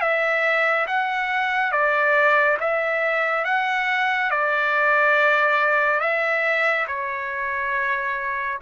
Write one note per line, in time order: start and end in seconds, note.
0.00 0.86 E5
0.86 1.71 F#5
1.71 2.57 D5
2.60 3.44 E5
3.44 4.30 F#5
4.31 6.00 D5
6.00 6.86 E5
6.87 8.59 C#5